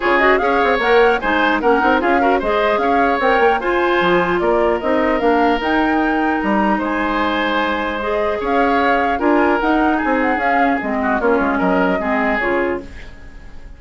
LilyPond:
<<
  \new Staff \with { instrumentName = "flute" } { \time 4/4 \tempo 4 = 150 cis''8 dis''8 f''4 fis''4 gis''4 | fis''4 f''4 dis''4 f''4 | g''4 gis''2 d''4 | dis''4 f''4 g''2 |
ais''4 gis''2. | dis''4 f''2 gis''4 | fis''4 gis''8 fis''8 f''4 dis''4 | cis''4 dis''2 cis''4 | }
  \new Staff \with { instrumentName = "oboe" } { \time 4/4 gis'4 cis''2 c''4 | ais'4 gis'8 ais'8 c''4 cis''4~ | cis''4 c''2 ais'4~ | ais'1~ |
ais'4 c''2.~ | c''4 cis''2 ais'4~ | ais'4 gis'2~ gis'8 fis'8 | f'4 ais'4 gis'2 | }
  \new Staff \with { instrumentName = "clarinet" } { \time 4/4 f'8 fis'8 gis'4 ais'4 dis'4 | cis'8 dis'8 f'8 fis'8 gis'2 | ais'4 f'2. | dis'4 d'4 dis'2~ |
dis'1 | gis'2. f'4 | dis'2 cis'4 c'4 | cis'2 c'4 f'4 | }
  \new Staff \with { instrumentName = "bassoon" } { \time 4/4 cis4 cis'8 c'8 ais4 gis4 | ais8 c'8 cis'4 gis4 cis'4 | c'8 ais8 f'4 f4 ais4 | c'4 ais4 dis'2 |
g4 gis2.~ | gis4 cis'2 d'4 | dis'4 c'4 cis'4 gis4 | ais8 gis8 fis4 gis4 cis4 | }
>>